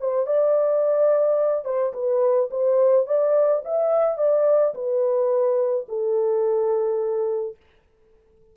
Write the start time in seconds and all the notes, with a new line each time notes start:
0.00 C5
0.27 D5
1.65 C5
1.93 B4
2.51 C5
3.07 D5
3.65 E5
4.18 D5
4.75 B4
5.89 A4